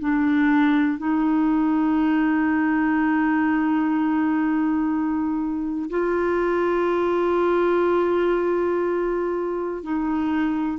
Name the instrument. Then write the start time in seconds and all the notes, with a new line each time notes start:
clarinet
0.00 D4
0.98 D#4
5.90 F4
9.83 D#4